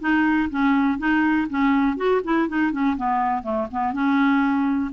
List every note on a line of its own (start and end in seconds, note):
0.00 0.49 D#4
0.50 0.98 C#4
0.98 1.48 D#4
1.50 1.97 C#4
1.97 2.21 F#4
2.24 2.48 E4
2.48 2.72 D#4
2.72 2.96 C#4
2.97 3.43 B3
3.43 3.67 A3
3.71 3.93 B3
3.93 4.92 C#4